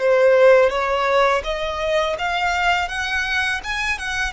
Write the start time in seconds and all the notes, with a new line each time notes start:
0.00 C5
0.70 C#5
1.45 D#5
2.19 F5
2.89 F#5
3.64 G#5
3.99 F#5